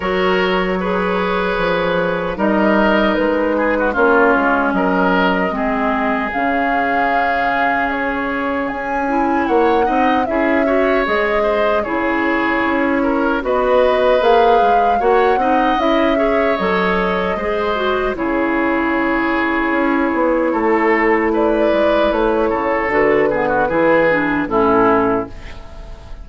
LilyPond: <<
  \new Staff \with { instrumentName = "flute" } { \time 4/4 \tempo 4 = 76 cis''2. dis''4 | b'4 cis''4 dis''2 | f''2 cis''4 gis''4 | fis''4 e''4 dis''4 cis''4~ |
cis''4 dis''4 f''4 fis''4 | e''4 dis''2 cis''4~ | cis''2. d''4 | cis''4 b'2 a'4 | }
  \new Staff \with { instrumentName = "oboe" } { \time 4/4 ais'4 b'2 ais'4~ | ais'8 gis'16 fis'16 f'4 ais'4 gis'4~ | gis'1 | cis''8 dis''8 gis'8 cis''4 c''8 gis'4~ |
gis'8 ais'8 b'2 cis''8 dis''8~ | dis''8 cis''4. c''4 gis'4~ | gis'2 a'4 b'4~ | b'8 a'4 gis'16 fis'16 gis'4 e'4 | }
  \new Staff \with { instrumentName = "clarinet" } { \time 4/4 fis'4 gis'2 dis'4~ | dis'4 cis'2 c'4 | cis'2.~ cis'8 e'8~ | e'8 dis'8 e'8 fis'8 gis'4 e'4~ |
e'4 fis'4 gis'4 fis'8 dis'8 | e'8 gis'8 a'4 gis'8 fis'8 e'4~ | e'1~ | e'4 fis'8 b8 e'8 d'8 cis'4 | }
  \new Staff \with { instrumentName = "bassoon" } { \time 4/4 fis2 f4 g4 | gis4 ais8 gis8 fis4 gis4 | cis2. cis'4 | ais8 c'8 cis'4 gis4 cis4 |
cis'4 b4 ais8 gis8 ais8 c'8 | cis'4 fis4 gis4 cis4~ | cis4 cis'8 b8 a4. gis8 | a8 cis8 d4 e4 a,4 | }
>>